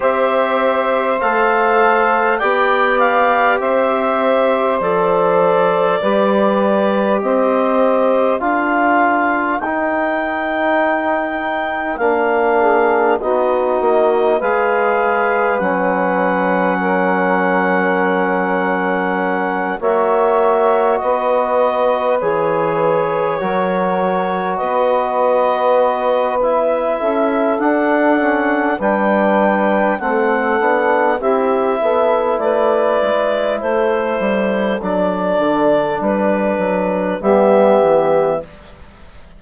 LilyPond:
<<
  \new Staff \with { instrumentName = "clarinet" } { \time 4/4 \tempo 4 = 50 e''4 f''4 g''8 f''8 e''4 | d''2 dis''4 f''4 | g''2 f''4 dis''4 | f''4 fis''2.~ |
fis''8 e''4 dis''4 cis''4.~ | cis''8 dis''4. e''4 fis''4 | g''4 fis''4 e''4 d''4 | c''4 d''4 b'4 e''4 | }
  \new Staff \with { instrumentName = "saxophone" } { \time 4/4 c''2 d''4 c''4~ | c''4 b'4 c''4 ais'4~ | ais'2~ ais'8 gis'8 fis'4 | b'2 ais'2~ |
ais'8 cis''4 b'2 ais'8~ | ais'8 b'2 a'4. | b'4 a'4 g'8 a'8 b'4 | a'2. g'4 | }
  \new Staff \with { instrumentName = "trombone" } { \time 4/4 g'4 a'4 g'2 | a'4 g'2 f'4 | dis'2 d'4 dis'4 | gis'4 cis'2.~ |
cis'8 fis'2 gis'4 fis'8~ | fis'2 e'4 d'8 cis'8 | d'4 c'8 d'8 e'2~ | e'4 d'2 b4 | }
  \new Staff \with { instrumentName = "bassoon" } { \time 4/4 c'4 a4 b4 c'4 | f4 g4 c'4 d'4 | dis'2 ais4 b8 ais8 | gis4 fis2.~ |
fis8 ais4 b4 e4 fis8~ | fis8 b2 cis'8 d'4 | g4 a8 b8 c'8 b8 a8 gis8 | a8 g8 fis8 d8 g8 fis8 g8 e8 | }
>>